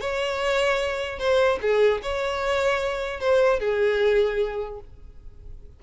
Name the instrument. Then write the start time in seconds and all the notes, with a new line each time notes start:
violin
0.00 C#5
1.18 C5
1.61 G#4
2.02 C#5
3.20 C5
3.59 G#4